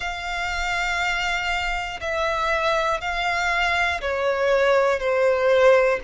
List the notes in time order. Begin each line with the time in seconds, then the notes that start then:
0.00 F5
2.00 E5
3.00 F5
4.01 C#5
5.00 C5